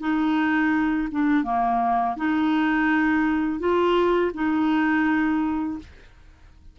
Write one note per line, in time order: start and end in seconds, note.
0.00 1.08 D#4
1.11 1.44 D4
1.44 2.16 A#3
2.17 3.59 D#4
3.59 4.32 F4
4.34 5.79 D#4